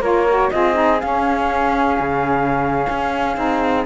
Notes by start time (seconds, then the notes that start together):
0.00 A#3 F4 A#4 C#5
0.29 F#4
0.50 C4 F4 G#4 D#5
0.73 D#4
1.00 C#4 F5
1.99 C#3
2.89 C#4
3.35 C4 D#4